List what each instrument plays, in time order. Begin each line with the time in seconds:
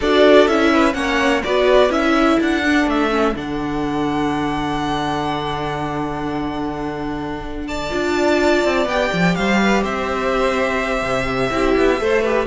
0.00 cello D4, viola F#4, violin A4 D5
0.47 cello C#4, viola E4, violin E5
0.71 violin B4
0.93 cello A#3, viola C#4, violin C#5 F#5
1.43 cello B3, viola F#4, violin B4 D5
1.89 cello C#4, viola E4, violin E5
2.16 violin A4
2.40 cello D4, violin F#5
2.65 viola D4
2.86 cello A3, violin E5
3.10 viola C#4
3.35 cello D3, viola D4, violin F#5
7.67 violin D5 A5
7.90 cello D4, viola F4
8.64 cello C4
8.85 cello B3, viola G4, violin G5
9.12 cello F3
9.35 cello G3, violin C5 F5
9.61 violin B4
9.82 cello C4, violin C5 E5
11.03 cello C3
11.50 cello C4, viola E4, violin G4
11.77 cello B3
11.99 cello A3, viola A4, violin C5
12.22 viola G4, violin B4